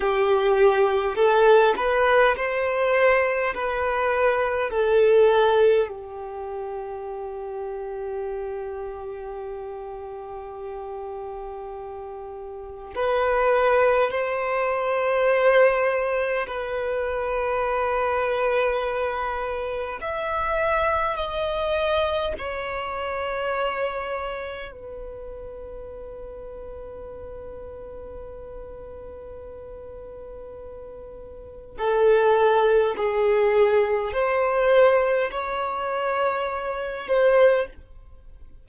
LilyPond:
\new Staff \with { instrumentName = "violin" } { \time 4/4 \tempo 4 = 51 g'4 a'8 b'8 c''4 b'4 | a'4 g'2.~ | g'2. b'4 | c''2 b'2~ |
b'4 e''4 dis''4 cis''4~ | cis''4 b'2.~ | b'2. a'4 | gis'4 c''4 cis''4. c''8 | }